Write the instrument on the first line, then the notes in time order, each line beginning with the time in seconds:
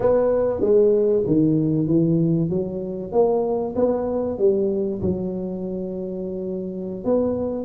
tuba
0.00 B3
0.60 G#3
1.26 D#3
1.87 E3
2.49 F#3
3.12 A#3
3.75 B3
4.38 G3
5.01 F#3
7.04 B3